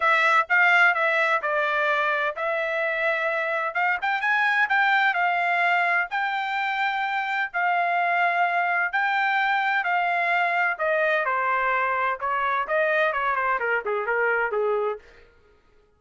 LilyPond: \new Staff \with { instrumentName = "trumpet" } { \time 4/4 \tempo 4 = 128 e''4 f''4 e''4 d''4~ | d''4 e''2. | f''8 g''8 gis''4 g''4 f''4~ | f''4 g''2. |
f''2. g''4~ | g''4 f''2 dis''4 | c''2 cis''4 dis''4 | cis''8 c''8 ais'8 gis'8 ais'4 gis'4 | }